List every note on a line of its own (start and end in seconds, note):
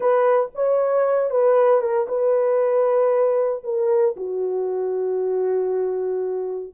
0.00 0.49 B4
0.54 1.30 C#5
1.30 1.81 B4
1.81 2.07 A#4
2.08 3.63 B4
3.63 4.15 A#4
4.16 6.74 F#4